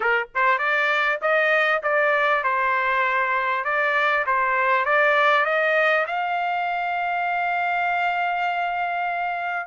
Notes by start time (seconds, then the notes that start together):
0.00 A#4
0.34 C5
0.58 D5
1.21 D#5
1.82 D5
2.43 C5
3.64 D5
4.26 C5
4.85 D5
5.45 D#5
6.06 F5